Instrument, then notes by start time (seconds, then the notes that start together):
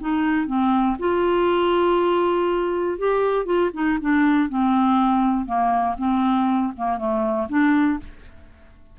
clarinet
0.00 D#4
0.47 C4
0.99 F4
2.98 G4
3.45 F4
3.74 D#4
4.01 D4
4.49 C4
5.46 A#3
5.98 C4
6.77 A#3
6.98 A3
7.49 D4